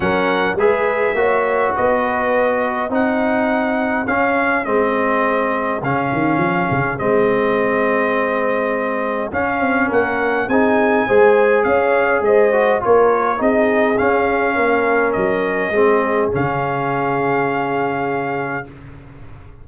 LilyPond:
<<
  \new Staff \with { instrumentName = "trumpet" } { \time 4/4 \tempo 4 = 103 fis''4 e''2 dis''4~ | dis''4 fis''2 f''4 | dis''2 f''2 | dis''1 |
f''4 fis''4 gis''2 | f''4 dis''4 cis''4 dis''4 | f''2 dis''2 | f''1 | }
  \new Staff \with { instrumentName = "horn" } { \time 4/4 ais'4 b'4 cis''4 b'4~ | b'4 gis'2.~ | gis'1~ | gis'1~ |
gis'4 ais'4 gis'4 c''4 | cis''4 c''4 ais'4 gis'4~ | gis'4 ais'2 gis'4~ | gis'1 | }
  \new Staff \with { instrumentName = "trombone" } { \time 4/4 cis'4 gis'4 fis'2~ | fis'4 dis'2 cis'4 | c'2 cis'2 | c'1 |
cis'2 dis'4 gis'4~ | gis'4. fis'8 f'4 dis'4 | cis'2. c'4 | cis'1 | }
  \new Staff \with { instrumentName = "tuba" } { \time 4/4 fis4 gis4 ais4 b4~ | b4 c'2 cis'4 | gis2 cis8 dis8 f8 cis8 | gis1 |
cis'8 c'8 ais4 c'4 gis4 | cis'4 gis4 ais4 c'4 | cis'4 ais4 fis4 gis4 | cis1 | }
>>